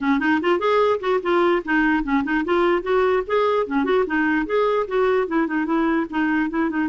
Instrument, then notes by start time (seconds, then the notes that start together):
clarinet
0.00 C#4
0.19 D#4
0.41 F4
0.59 G#4
1.00 F#4
1.22 F4
1.64 D#4
2.03 C#4
2.24 D#4
2.44 F4
2.82 F#4
3.26 G#4
3.66 C#4
3.84 F#4
4.06 D#4
4.46 G#4
4.87 F#4
5.27 E4
5.47 D#4
5.65 E4
6.09 D#4
6.50 E4
6.69 D#4